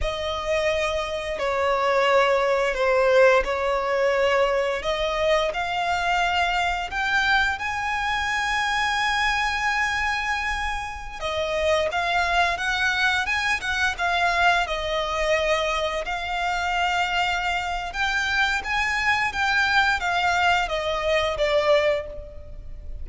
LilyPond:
\new Staff \with { instrumentName = "violin" } { \time 4/4 \tempo 4 = 87 dis''2 cis''2 | c''4 cis''2 dis''4 | f''2 g''4 gis''4~ | gis''1~ |
gis''16 dis''4 f''4 fis''4 gis''8 fis''16~ | fis''16 f''4 dis''2 f''8.~ | f''2 g''4 gis''4 | g''4 f''4 dis''4 d''4 | }